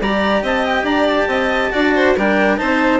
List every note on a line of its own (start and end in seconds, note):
0.00 0.42 G3
0.00 1.72 G4
0.00 0.42 D5
0.00 0.43 A#5
0.42 0.82 C4
0.42 0.84 D#5
0.42 0.65 A5
0.65 0.85 G5
0.82 1.25 D4
0.82 1.27 D5
0.82 1.06 A#5
1.07 2.14 A5
1.27 1.70 C4
1.27 1.72 D#5
1.72 2.16 D4
1.72 2.15 F#4
1.72 1.94 D5
1.95 2.16 C5
2.16 2.59 G3
2.16 2.57 D4
2.16 2.59 A#4
2.16 2.57 G5
2.57 2.99 C4
2.57 2.99 D#4
2.57 2.99 C5
2.57 2.99 A5